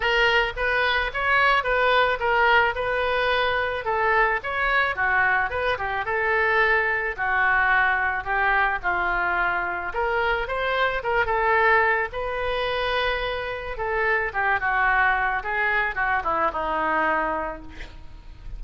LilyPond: \new Staff \with { instrumentName = "oboe" } { \time 4/4 \tempo 4 = 109 ais'4 b'4 cis''4 b'4 | ais'4 b'2 a'4 | cis''4 fis'4 b'8 g'8 a'4~ | a'4 fis'2 g'4 |
f'2 ais'4 c''4 | ais'8 a'4. b'2~ | b'4 a'4 g'8 fis'4. | gis'4 fis'8 e'8 dis'2 | }